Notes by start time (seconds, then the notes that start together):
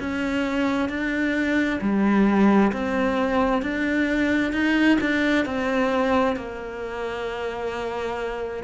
0.00 C#4
0.89 D4
1.81 G3
2.72 C4
3.62 D4
4.53 D#4
5.01 D4
5.45 C4
6.36 A#3